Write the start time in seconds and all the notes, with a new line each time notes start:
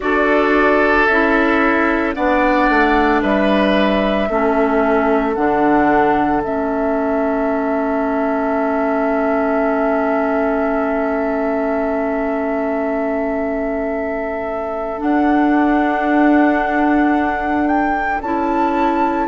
0.00 D4 F#4 A4 D5
1.06 C#4 E4 E5
2.14 B3 D4 D5 F#5
2.69 A3
3.21 G3 B4 E5
4.29 A3 C#4 A4
5.34 D3 D4 F#5
6.43 A3 C#4 E5
14.98 D4 F#5
17.67 G5
18.21 C#4 E4 A5